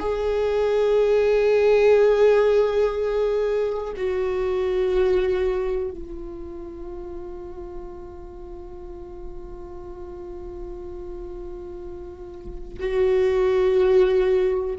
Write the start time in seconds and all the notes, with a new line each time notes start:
0.00 G#4
3.97 F#4
5.91 F4
12.80 F#4